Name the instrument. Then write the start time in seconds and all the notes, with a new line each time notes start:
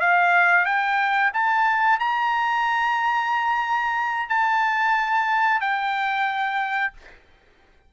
trumpet
0.00 F5
0.65 G5
1.33 A5
1.99 A#5
4.29 A5
5.61 G5